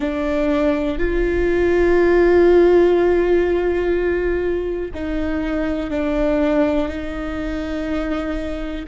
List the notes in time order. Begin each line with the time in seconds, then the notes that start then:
0.00 D4
0.98 F4
4.94 D#4
5.90 D4
6.88 D#4